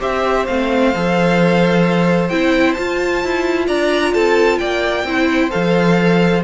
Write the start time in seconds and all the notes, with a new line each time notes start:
0.00 C4 G4 C5 E5
0.46 A3 C4 F5
0.95 F3 A4
2.29 C4 E4 G5
2.73 F4 A5
3.24 E4
3.67 D4 D5 A#5
4.14 C4 A4 A5
4.58 A#3 D5 G5
5.04 C4 E4 C5
5.50 F3 A4 F5